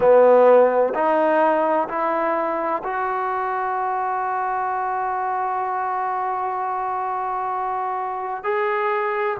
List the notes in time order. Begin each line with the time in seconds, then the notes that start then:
0.00 B3
0.94 D#4
1.88 E4
2.83 F#4
8.43 G#4